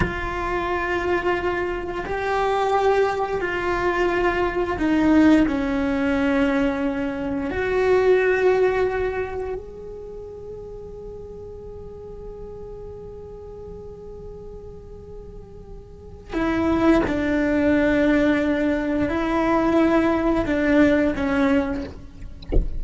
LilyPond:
\new Staff \with { instrumentName = "cello" } { \time 4/4 \tempo 4 = 88 f'2. g'4~ | g'4 f'2 dis'4 | cis'2. fis'4~ | fis'2 gis'2~ |
gis'1~ | gis'1 | e'4 d'2. | e'2 d'4 cis'4 | }